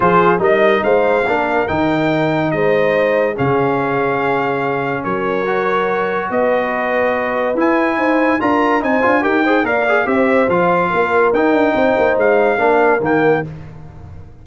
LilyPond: <<
  \new Staff \with { instrumentName = "trumpet" } { \time 4/4 \tempo 4 = 143 c''4 dis''4 f''2 | g''2 dis''2 | f''1 | cis''2. dis''4~ |
dis''2 gis''2 | ais''4 gis''4 g''4 f''4 | e''4 f''2 g''4~ | g''4 f''2 g''4 | }
  \new Staff \with { instrumentName = "horn" } { \time 4/4 gis'4 ais'4 c''4 ais'4~ | ais'2 c''2 | gis'1 | ais'2. b'4~ |
b'2. c''4 | ais'4 c''4 ais'8 c''8 d''4 | c''2 ais'2 | c''2 ais'2 | }
  \new Staff \with { instrumentName = "trombone" } { \time 4/4 f'4 dis'2 d'4 | dis'1 | cis'1~ | cis'4 fis'2.~ |
fis'2 e'2 | f'4 dis'8 f'8 g'8 gis'8 ais'8 gis'8 | g'4 f'2 dis'4~ | dis'2 d'4 ais4 | }
  \new Staff \with { instrumentName = "tuba" } { \time 4/4 f4 g4 gis4 ais4 | dis2 gis2 | cis1 | fis2. b4~ |
b2 e'4 dis'4 | d'4 c'8 d'8 dis'4 ais4 | c'4 f4 ais4 dis'8 d'8 | c'8 ais8 gis4 ais4 dis4 | }
>>